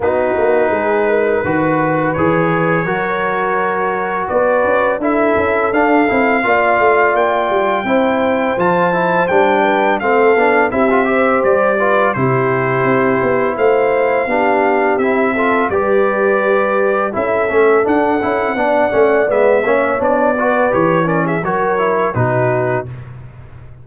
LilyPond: <<
  \new Staff \with { instrumentName = "trumpet" } { \time 4/4 \tempo 4 = 84 b'2. cis''4~ | cis''2 d''4 e''4 | f''2 g''2 | a''4 g''4 f''4 e''4 |
d''4 c''2 f''4~ | f''4 e''4 d''2 | e''4 fis''2 e''4 | d''4 cis''8 d''16 e''16 cis''4 b'4 | }
  \new Staff \with { instrumentName = "horn" } { \time 4/4 fis'4 gis'8 ais'8 b'2 | ais'2 b'4 a'4~ | a'4 d''2 c''4~ | c''4. b'8 a'4 g'8 c''8~ |
c''8 b'8 g'2 c''4 | g'4. a'8 b'2 | a'2 d''4. cis''8~ | cis''8 b'4 ais'16 gis'16 ais'4 fis'4 | }
  \new Staff \with { instrumentName = "trombone" } { \time 4/4 dis'2 fis'4 gis'4 | fis'2. e'4 | d'8 e'8 f'2 e'4 | f'8 e'8 d'4 c'8 d'8 e'16 f'16 g'8~ |
g'8 f'8 e'2. | d'4 e'8 f'8 g'2 | e'8 cis'8 d'8 e'8 d'8 cis'8 b8 cis'8 | d'8 fis'8 g'8 cis'8 fis'8 e'8 dis'4 | }
  \new Staff \with { instrumentName = "tuba" } { \time 4/4 b8 ais8 gis4 dis4 e4 | fis2 b8 cis'8 d'8 cis'8 | d'8 c'8 ais8 a8 ais8 g8 c'4 | f4 g4 a8 b8 c'4 |
g4 c4 c'8 b8 a4 | b4 c'4 g2 | cis'8 a8 d'8 cis'8 b8 a8 gis8 ais8 | b4 e4 fis4 b,4 | }
>>